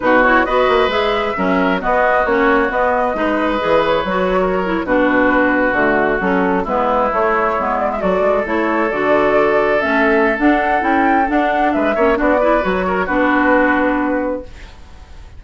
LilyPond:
<<
  \new Staff \with { instrumentName = "flute" } { \time 4/4 \tempo 4 = 133 b'8 cis''8 dis''4 e''2 | dis''4 cis''4 dis''2~ | dis''8 cis''2~ cis''16 b'4~ b'16~ | b'8. fis'4 a'4 b'4 cis''16~ |
cis''4~ cis''16 d''16 e''16 d''4 cis''4 d''16~ | d''4.~ d''16 e''4~ e''16 fis''4 | g''4 fis''4 e''4 d''4 | cis''4 b'2. | }
  \new Staff \with { instrumentName = "oboe" } { \time 4/4 fis'4 b'2 ais'4 | fis'2. b'4~ | b'4.~ b'16 ais'4 fis'4~ fis'16~ | fis'2~ fis'8. e'4~ e'16~ |
e'4.~ e'16 a'2~ a'16~ | a'1~ | a'2 b'8 cis''8 fis'8 b'8~ | b'8 ais'8 fis'2. | }
  \new Staff \with { instrumentName = "clarinet" } { \time 4/4 dis'8 e'8 fis'4 gis'4 cis'4 | b4 cis'4 b4 dis'4 | gis'4 fis'4~ fis'16 e'8 d'4~ d'16~ | d'8. a4 cis'4 b4 a16~ |
a8. b4 fis'4 e'4 fis'16~ | fis'4.~ fis'16 cis'4~ cis'16 d'4 | e'4 d'4. cis'8 d'8 e'8 | fis'4 d'2. | }
  \new Staff \with { instrumentName = "bassoon" } { \time 4/4 b,4 b8 ais8 gis4 fis4 | b4 ais4 b4 gis4 | e4 fis4.~ fis16 b,4~ b,16~ | b,8. d4 fis4 gis4 a16~ |
a8. gis4 fis8 gis8 a4 d16~ | d4.~ d16 a4~ a16 d'4 | cis'4 d'4 gis8 ais8 b4 | fis4 b2. | }
>>